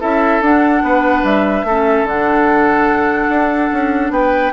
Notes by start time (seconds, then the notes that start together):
0.00 C#4 E4 A4 E5
0.40 D4 F#5
0.82 B3 B4
1.23 G3 E5
1.63 A3 C#4 A4
2.03 D3 D4 F#5
3.28 D4
3.72 C#4
4.10 B3 B4 G5